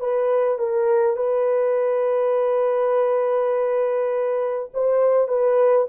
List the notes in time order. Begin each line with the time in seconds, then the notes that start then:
0.00 B4
0.58 A#4
1.16 B4
4.73 C5
5.28 B4